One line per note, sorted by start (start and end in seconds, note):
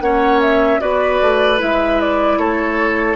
0.00 0.79 A#3
0.00 0.80 C#4
0.00 0.81 C#5
0.00 0.40 F#5
0.41 0.80 E5
0.80 1.20 B3
0.80 1.58 F#4
0.80 2.39 B4
0.80 1.59 D5
1.21 1.61 A3
1.58 2.38 G#3
1.58 3.16 E4
1.58 2.01 E5
2.01 2.38 D5
2.38 3.16 A3
2.38 3.16 A4
2.38 3.16 C#5